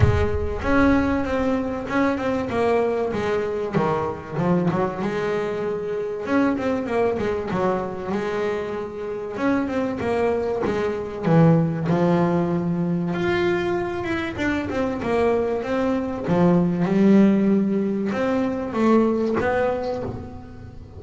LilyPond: \new Staff \with { instrumentName = "double bass" } { \time 4/4 \tempo 4 = 96 gis4 cis'4 c'4 cis'8 c'8 | ais4 gis4 dis4 f8 fis8 | gis2 cis'8 c'8 ais8 gis8 | fis4 gis2 cis'8 c'8 |
ais4 gis4 e4 f4~ | f4 f'4. e'8 d'8 c'8 | ais4 c'4 f4 g4~ | g4 c'4 a4 b4 | }